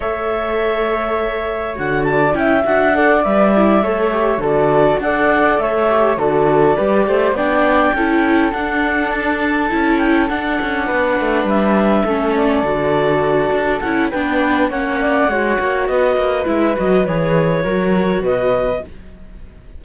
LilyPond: <<
  \new Staff \with { instrumentName = "clarinet" } { \time 4/4 \tempo 4 = 102 e''2. fis''8 a''8 | g''8 fis''4 e''2 d''8~ | d''8 fis''4 e''4 d''4.~ | d''8 g''2 fis''4 a''8~ |
a''4 g''8 fis''2 e''8~ | e''4 d''2~ d''8 fis''8 | g''4 fis''2 dis''4 | e''8 dis''8 cis''2 dis''4 | }
  \new Staff \with { instrumentName = "flute" } { \time 4/4 cis''2.~ cis''8 d''8 | e''4 d''4. cis''4 a'8~ | a'8 d''4 cis''4 a'4 b'8 | c''8 d''4 a'2~ a'8~ |
a'2~ a'8 b'4.~ | b'8 a'2.~ a'8 | b'4 cis''8 d''8 cis''4 b'4~ | b'2 ais'4 b'4 | }
  \new Staff \with { instrumentName = "viola" } { \time 4/4 a'2. fis'4 | e'8 fis'8 a'8 b'8 e'8 a'8 g'8 fis'8~ | fis'8 a'4. g'8 fis'4 g'8~ | g'8 d'4 e'4 d'4.~ |
d'8 e'4 d'2~ d'8~ | d'8 cis'4 fis'2 e'8 | d'4 cis'4 fis'2 | e'8 fis'8 gis'4 fis'2 | }
  \new Staff \with { instrumentName = "cello" } { \time 4/4 a2. d4 | cis'8 d'4 g4 a4 d8~ | d8 d'4 a4 d4 g8 | a8 b4 cis'4 d'4.~ |
d'8 cis'4 d'8 cis'8 b8 a8 g8~ | g8 a4 d4. d'8 cis'8 | b4 ais4 gis8 ais8 b8 ais8 | gis8 fis8 e4 fis4 b,4 | }
>>